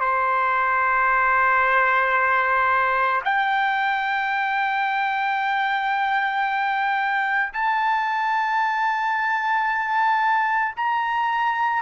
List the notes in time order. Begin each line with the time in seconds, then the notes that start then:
0.00 C5
3.24 G5
7.53 A5
10.76 A#5